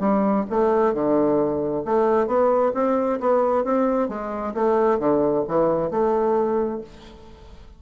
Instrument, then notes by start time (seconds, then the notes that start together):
bassoon
0.00 G3
0.50 A3
0.94 D3
1.85 A3
2.27 B3
2.74 C4
3.20 B3
3.64 C4
4.09 G#3
4.54 A3
4.99 D3
5.48 E3
5.91 A3